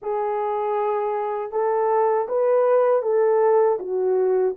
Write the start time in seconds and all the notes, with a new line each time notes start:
0.02 G#4
1.51 A4
2.28 B4
3.02 A4
3.79 F#4